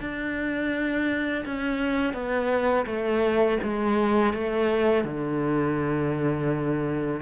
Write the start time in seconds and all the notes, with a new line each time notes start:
0.00 D4
1.46 C#4
2.14 B3
2.86 A3
3.63 G#3
4.34 A3
5.04 D3